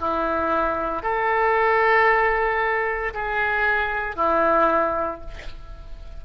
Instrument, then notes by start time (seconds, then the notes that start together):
oboe
0.00 E4
1.03 A4
3.14 G#4
4.16 E4